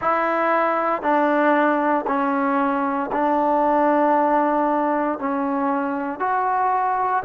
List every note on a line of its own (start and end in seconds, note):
0.00 1.02 E4
1.02 2.05 D4
2.07 3.10 C#4
3.11 5.18 D4
5.19 6.19 C#4
6.19 7.23 F#4